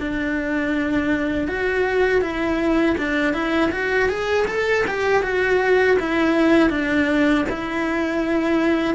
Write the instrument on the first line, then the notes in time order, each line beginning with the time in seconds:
cello
0.00 D4
1.48 F#4
2.22 E4
2.98 D4
3.34 E4
3.72 F#4
4.09 G#4
4.48 A4
4.88 G4
5.23 F#4
6.00 E4
6.70 D4
7.50 E4